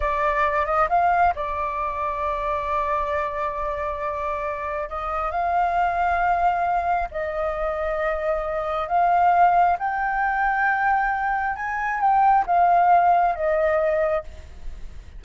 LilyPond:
\new Staff \with { instrumentName = "flute" } { \time 4/4 \tempo 4 = 135 d''4. dis''8 f''4 d''4~ | d''1~ | d''2. dis''4 | f''1 |
dis''1 | f''2 g''2~ | g''2 gis''4 g''4 | f''2 dis''2 | }